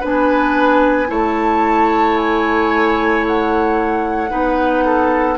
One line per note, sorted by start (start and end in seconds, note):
0.00 1.10 B3
0.00 1.07 D4
0.00 1.07 B4
0.00 1.10 G#5
1.07 4.31 A3
1.07 4.28 E4
1.07 4.30 C#5
1.07 2.17 A5
2.17 3.25 G#5
3.27 5.37 F#5
4.28 5.37 B3
4.28 5.35 D#4
4.28 4.84 B4
4.85 5.37 A4